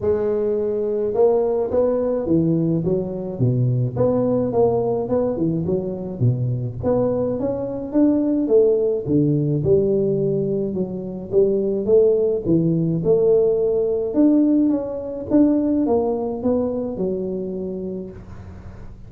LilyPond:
\new Staff \with { instrumentName = "tuba" } { \time 4/4 \tempo 4 = 106 gis2 ais4 b4 | e4 fis4 b,4 b4 | ais4 b8 e8 fis4 b,4 | b4 cis'4 d'4 a4 |
d4 g2 fis4 | g4 a4 e4 a4~ | a4 d'4 cis'4 d'4 | ais4 b4 fis2 | }